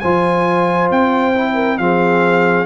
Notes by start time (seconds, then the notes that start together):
0.00 F3 F4 C5 G#5
0.91 C4 G5
1.35 E4
1.55 A#4
1.78 F3 C4 G#4 F5